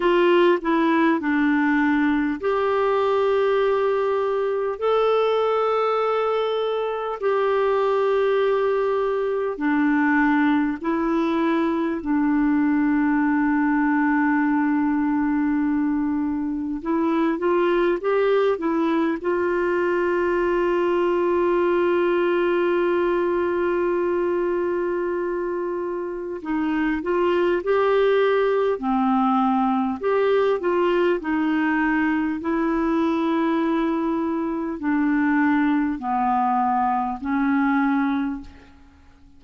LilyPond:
\new Staff \with { instrumentName = "clarinet" } { \time 4/4 \tempo 4 = 50 f'8 e'8 d'4 g'2 | a'2 g'2 | d'4 e'4 d'2~ | d'2 e'8 f'8 g'8 e'8 |
f'1~ | f'2 dis'8 f'8 g'4 | c'4 g'8 f'8 dis'4 e'4~ | e'4 d'4 b4 cis'4 | }